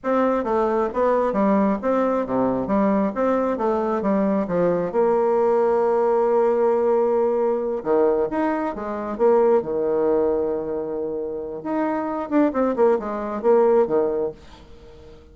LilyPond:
\new Staff \with { instrumentName = "bassoon" } { \time 4/4 \tempo 4 = 134 c'4 a4 b4 g4 | c'4 c4 g4 c'4 | a4 g4 f4 ais4~ | ais1~ |
ais4. dis4 dis'4 gis8~ | gis8 ais4 dis2~ dis8~ | dis2 dis'4. d'8 | c'8 ais8 gis4 ais4 dis4 | }